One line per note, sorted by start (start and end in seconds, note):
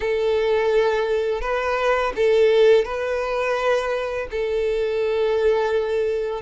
0.00 1.41 A4
1.41 2.12 B4
2.16 2.84 A4
2.84 4.27 B4
4.30 6.41 A4